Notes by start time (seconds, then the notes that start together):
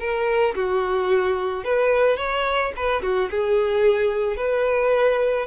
0.00 A#4
0.56 F#4
1.65 B4
2.18 C#5
2.76 B4
3.03 F#4
3.31 G#4
4.37 B4